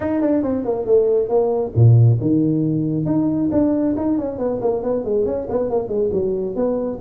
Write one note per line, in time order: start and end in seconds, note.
0.00 0.21 D#4
0.21 0.42 D4
0.42 0.64 C4
0.65 0.85 A#3
0.85 1.28 A3
1.28 1.72 A#3
1.75 2.19 A#2
2.21 3.05 D#3
3.05 3.49 D#4
3.51 3.95 D4
3.96 4.18 D#4
4.18 4.38 C#4
4.38 4.60 B3
4.61 4.82 A#3
4.82 5.04 B3
5.04 5.25 G#3
5.25 5.47 C#4
5.49 5.70 B3
5.70 5.88 A#3
5.88 6.10 G#3
6.13 6.55 F#3
6.55 6.99 B3